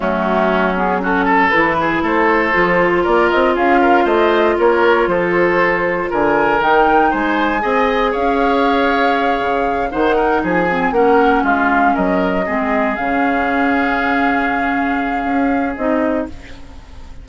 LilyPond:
<<
  \new Staff \with { instrumentName = "flute" } { \time 4/4 \tempo 4 = 118 fis'4. gis'8 a'4 b'4 | c''2 d''8 dis''8 f''4 | dis''4 cis''4 c''2 | gis''4 g''4 gis''2 |
f''2.~ f''8 fis''8~ | fis''8 gis''4 fis''4 f''4 dis''8~ | dis''4. f''2~ f''8~ | f''2. dis''4 | }
  \new Staff \with { instrumentName = "oboe" } { \time 4/4 cis'2 fis'8 a'4 gis'8 | a'2 ais'4 gis'8 ais'8 | c''4 ais'4 a'2 | ais'2 c''4 dis''4 |
cis''2.~ cis''8 c''8 | ais'8 gis'4 ais'4 f'4 ais'8~ | ais'8 gis'2.~ gis'8~ | gis'1 | }
  \new Staff \with { instrumentName = "clarinet" } { \time 4/4 a4. b8 cis'4 e'4~ | e'4 f'2.~ | f'1~ | f'4 dis'2 gis'4~ |
gis'2.~ gis'8 dis'8~ | dis'4 c'8 cis'2~ cis'8~ | cis'8 c'4 cis'2~ cis'8~ | cis'2. dis'4 | }
  \new Staff \with { instrumentName = "bassoon" } { \time 4/4 fis2. e4 | a4 f4 ais8 c'8 cis'4 | a4 ais4 f2 | d4 dis4 gis4 c'4 |
cis'2~ cis'8 cis4 dis8~ | dis8 f4 ais4 gis4 fis8~ | fis8 gis4 cis2~ cis8~ | cis2 cis'4 c'4 | }
>>